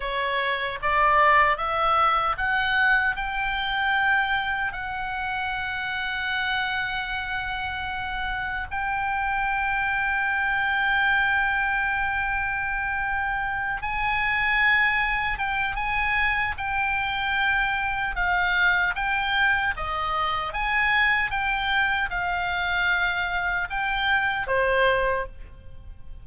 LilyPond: \new Staff \with { instrumentName = "oboe" } { \time 4/4 \tempo 4 = 76 cis''4 d''4 e''4 fis''4 | g''2 fis''2~ | fis''2. g''4~ | g''1~ |
g''4. gis''2 g''8 | gis''4 g''2 f''4 | g''4 dis''4 gis''4 g''4 | f''2 g''4 c''4 | }